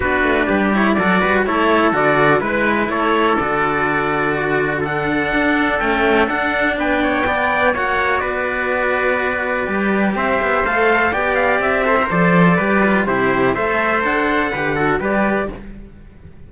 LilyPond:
<<
  \new Staff \with { instrumentName = "trumpet" } { \time 4/4 \tempo 4 = 124 b'4. cis''8 d''4 cis''4 | d''4 b'4 cis''4 d''4~ | d''2 fis''2 | g''4 fis''4 g''2 |
fis''4 d''2.~ | d''4 e''4 f''4 g''8 f''8 | e''4 d''2 c''4 | e''4 fis''2 d''4 | }
  \new Staff \with { instrumentName = "trumpet" } { \time 4/4 fis'4 g'4 a'8 b'8 a'4~ | a'4 b'4 a'2~ | a'4 fis'4 a'2~ | a'2 b'8 cis''8 d''4 |
cis''4 b'2.~ | b'4 c''2 d''4~ | d''8 c''4. b'4 g'4 | c''2 b'8 a'8 b'4 | }
  \new Staff \with { instrumentName = "cello" } { \time 4/4 d'4. e'8 fis'4 e'4 | fis'4 e'2 fis'4~ | fis'2 d'2 | a4 d'2 b4 |
fis'1 | g'2 a'4 g'4~ | g'8 a'16 ais'16 a'4 g'8 f'8 e'4 | a'2 g'8 fis'8 g'4 | }
  \new Staff \with { instrumentName = "cello" } { \time 4/4 b8 a8 g4 fis8 g8 a4 | d4 gis4 a4 d4~ | d2. d'4 | cis'4 d'4 b2 |
ais4 b2. | g4 c'8 b8 a4 b4 | c'4 f4 g4 c4 | a4 d'4 d4 g4 | }
>>